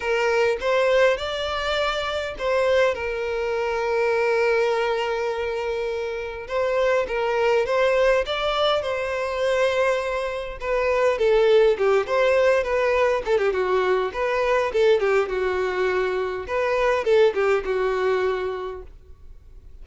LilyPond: \new Staff \with { instrumentName = "violin" } { \time 4/4 \tempo 4 = 102 ais'4 c''4 d''2 | c''4 ais'2.~ | ais'2. c''4 | ais'4 c''4 d''4 c''4~ |
c''2 b'4 a'4 | g'8 c''4 b'4 a'16 g'16 fis'4 | b'4 a'8 g'8 fis'2 | b'4 a'8 g'8 fis'2 | }